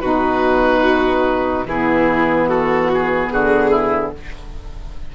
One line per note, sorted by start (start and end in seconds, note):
0.00 1.65 B2
0.00 1.66 D#4
0.00 1.66 F#4
0.00 1.64 B4
1.65 3.30 E3
1.65 4.15 B3
1.65 2.48 E4
1.65 2.49 G#4
2.48 3.30 F#4
2.48 2.90 A4
2.94 3.32 G#4
3.30 4.14 D3
3.30 3.70 F#4
3.30 4.12 G#4
3.70 4.11 E4